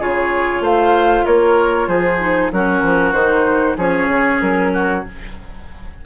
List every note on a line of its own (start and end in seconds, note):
0.00 0.61 C#3
0.00 2.20 F4
0.00 0.63 G#4
0.00 0.65 C#5
0.61 1.24 A3
0.61 1.26 C5
0.61 1.26 F5
1.26 1.88 A#3
1.26 1.89 A#4
1.26 1.88 C#5
1.88 2.51 F3
1.88 2.52 G#4
1.88 2.51 C5
2.20 2.51 D#4
2.52 2.83 F#3
2.52 3.15 C#4
2.52 3.77 F#4
2.52 3.13 A#4
2.83 3.13 F3
3.13 3.76 D#3
3.13 3.78 D#4
3.13 3.76 C5
3.77 4.08 F3
3.77 5.06 C#4
3.77 4.72 G#4
3.77 4.41 C#5
4.08 4.40 C#3
4.41 5.05 F#3
4.41 5.05 A#4
4.74 5.06 F#4